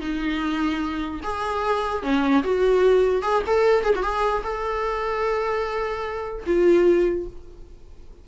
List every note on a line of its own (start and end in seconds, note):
0.00 1.21 D#4
1.23 2.02 G#4
2.02 2.43 C#4
2.43 3.22 F#4
3.22 3.42 G#4
3.46 3.83 A4
3.83 3.94 G#4
3.95 4.02 F#4
4.02 4.42 G#4
4.43 6.44 A4
6.46 7.26 F4